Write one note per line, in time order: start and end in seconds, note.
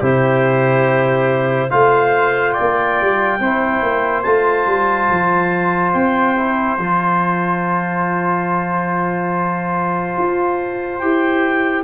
0.00 1.70 C3
0.00 1.71 E4
0.00 1.69 G4
0.00 1.70 C5
1.70 2.57 A3
1.70 3.40 F4
1.70 2.53 C5
1.70 2.52 F5
2.52 3.38 D5
2.52 4.21 G5
2.60 3.01 A#3
3.01 3.40 G3
3.40 3.82 C4
3.40 4.25 E4
3.40 11.84 C5
3.82 4.25 A#3
4.22 4.67 A3
4.22 6.37 F4
4.22 5.91 A5
4.67 5.09 G3
5.10 5.94 F3
5.93 6.78 C4
5.93 6.77 G5
6.37 6.79 E4
6.77 10.16 F3
6.77 11.01 F4
6.77 10.99 A5
10.18 11.02 F4
10.99 11.84 E4
10.99 11.84 G4
10.99 11.83 G5